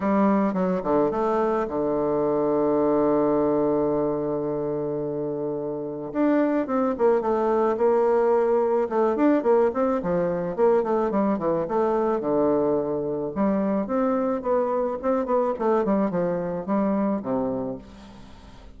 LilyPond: \new Staff \with { instrumentName = "bassoon" } { \time 4/4 \tempo 4 = 108 g4 fis8 d8 a4 d4~ | d1~ | d2. d'4 | c'8 ais8 a4 ais2 |
a8 d'8 ais8 c'8 f4 ais8 a8 | g8 e8 a4 d2 | g4 c'4 b4 c'8 b8 | a8 g8 f4 g4 c4 | }